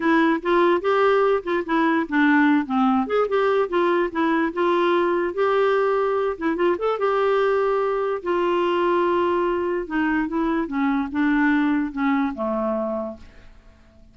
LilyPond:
\new Staff \with { instrumentName = "clarinet" } { \time 4/4 \tempo 4 = 146 e'4 f'4 g'4. f'8 | e'4 d'4. c'4 gis'8 | g'4 f'4 e'4 f'4~ | f'4 g'2~ g'8 e'8 |
f'8 a'8 g'2. | f'1 | dis'4 e'4 cis'4 d'4~ | d'4 cis'4 a2 | }